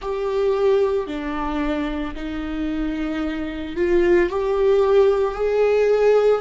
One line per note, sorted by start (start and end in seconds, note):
0.01 1.07 G4
1.07 2.14 D4
2.15 3.75 D#4
3.75 4.29 F4
4.29 5.34 G4
5.34 6.41 G#4